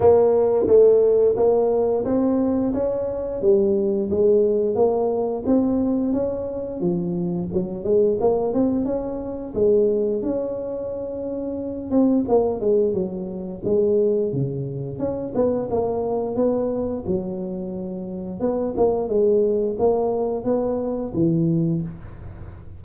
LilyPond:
\new Staff \with { instrumentName = "tuba" } { \time 4/4 \tempo 4 = 88 ais4 a4 ais4 c'4 | cis'4 g4 gis4 ais4 | c'4 cis'4 f4 fis8 gis8 | ais8 c'8 cis'4 gis4 cis'4~ |
cis'4. c'8 ais8 gis8 fis4 | gis4 cis4 cis'8 b8 ais4 | b4 fis2 b8 ais8 | gis4 ais4 b4 e4 | }